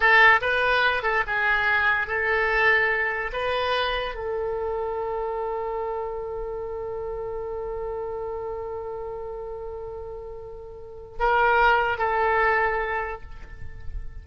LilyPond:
\new Staff \with { instrumentName = "oboe" } { \time 4/4 \tempo 4 = 145 a'4 b'4. a'8 gis'4~ | gis'4 a'2. | b'2 a'2~ | a'1~ |
a'1~ | a'1~ | a'2. ais'4~ | ais'4 a'2. | }